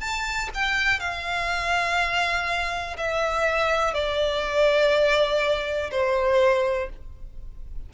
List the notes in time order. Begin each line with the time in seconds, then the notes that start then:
0.00 A5
0.54 G5
1.00 F5
2.97 E5
3.93 D5
5.91 C5